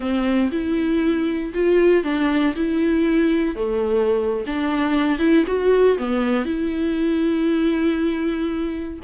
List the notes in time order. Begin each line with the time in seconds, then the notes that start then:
0.00 C4
0.51 E4
1.54 F4
2.03 D4
2.55 E4
3.55 A3
4.46 D4
5.18 E4
5.46 F#4
5.97 B3
6.45 E4